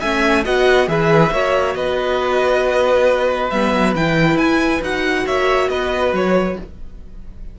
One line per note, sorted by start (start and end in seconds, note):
0.00 0.46 A3
0.00 0.44 C#4
0.00 0.44 E5
0.00 0.44 G#5
0.44 0.88 B3
0.44 0.87 F#4
0.44 0.88 D#5
0.44 0.88 F#5
0.87 1.31 E3
0.87 1.31 G#4
0.87 1.33 B4
0.87 1.75 E5
1.31 1.75 A#3
1.31 3.51 F#4
1.31 1.76 C#5
1.75 3.50 B3
1.75 5.25 B4
1.75 3.50 D#5
3.50 3.73 G3
3.50 3.96 B3
3.50 3.94 E5
3.73 3.95 F#3
3.95 4.36 E3
3.95 4.82 E4
3.95 4.38 G5
4.36 4.80 E4
4.36 4.81 G#5
4.81 5.25 D#4
4.81 6.57 F#4
4.81 5.27 F#5
5.25 5.69 A#3
5.25 5.69 C#5
5.25 5.69 E5
5.69 6.12 B3
5.69 6.59 B4
5.69 6.13 D#5
6.12 6.56 F#3
6.12 6.59 C#5